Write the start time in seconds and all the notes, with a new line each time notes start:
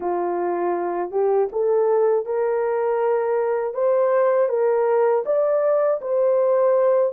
0.00 F4
1.10 G4
1.51 A4
2.25 A#4
3.74 C5
4.48 A#4
5.25 D5
6.01 C5